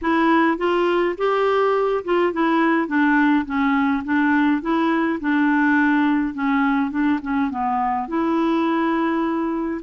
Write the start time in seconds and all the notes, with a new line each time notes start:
0.01 E4
0.57 F4
1.17 G4
2.04 F4
2.32 E4
2.87 D4
3.45 C#4
4.04 D4
4.61 E4
5.20 D4
6.34 C#4
6.90 D4
7.22 C#4
7.50 B3
8.08 E4